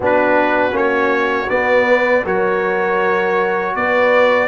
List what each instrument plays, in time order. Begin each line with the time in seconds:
0.00 tuba B3, trombone D4, horn F#4, trumpet B4
0.71 tuba A#3, trombone C#4, trumpet C#5
1.49 tuba B3, trombone B3, trumpet D5
1.87 horn B4
2.25 tuba F#3, trombone F#4, horn A#4, trumpet C#5
3.75 tuba B3, horn B4, trumpet D5